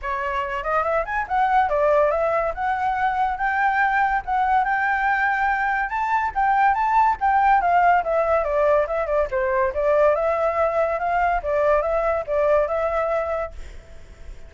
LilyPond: \new Staff \with { instrumentName = "flute" } { \time 4/4 \tempo 4 = 142 cis''4. dis''8 e''8 gis''8 fis''4 | d''4 e''4 fis''2 | g''2 fis''4 g''4~ | g''2 a''4 g''4 |
a''4 g''4 f''4 e''4 | d''4 e''8 d''8 c''4 d''4 | e''2 f''4 d''4 | e''4 d''4 e''2 | }